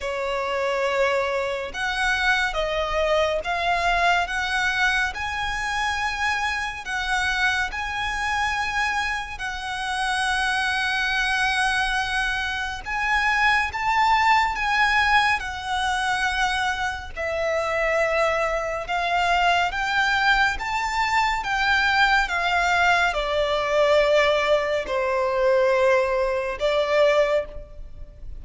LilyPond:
\new Staff \with { instrumentName = "violin" } { \time 4/4 \tempo 4 = 70 cis''2 fis''4 dis''4 | f''4 fis''4 gis''2 | fis''4 gis''2 fis''4~ | fis''2. gis''4 |
a''4 gis''4 fis''2 | e''2 f''4 g''4 | a''4 g''4 f''4 d''4~ | d''4 c''2 d''4 | }